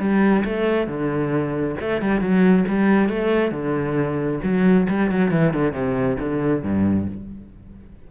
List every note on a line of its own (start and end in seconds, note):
0.00 0.44 G3
0.45 0.88 A3
0.88 1.76 D3
1.81 2.02 A3
2.02 2.21 G3
2.21 2.65 F#3
2.69 3.10 G3
3.10 3.52 A3
3.52 4.40 D3
4.44 4.88 F#3
4.90 5.11 G3
5.11 5.32 F#3
5.32 5.54 E3
5.54 5.73 D3
5.73 6.17 C3
6.20 6.64 D3
6.64 7.08 G2